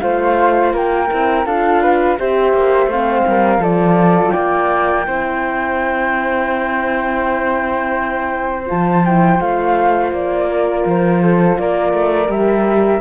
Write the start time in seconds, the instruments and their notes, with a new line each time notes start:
0.00 cello A3, horn F4, flute C5 F5
0.74 cello A#3, flute A#4 G5
1.10 cello C4, horn E4
1.46 cello D4, horn F4, flute A4 F5
1.82 flute B4
2.19 cello C4, horn G4, flute C5 E5
2.54 cello A#3
2.87 cello A3, horn C4, flute F5
3.27 cello G3, flute A#4
3.58 cello F3, horn F4, flute A4 D5
4.31 cello A#3, flute D5 G5
5.06 cello C4, horn E4, flute C5
8.67 cello F3, horn F4, flute A5
9.03 horn E4, flute G5
9.39 cello A3, horn F4, flute F5
10.12 cello A#3, flute D5
10.50 flute A#4
10.86 cello F3, flute C5
11.23 flute A4
11.59 cello A#3, flute A#4 D5
11.94 cello A3
12.28 cello G3, horn G4, flute E5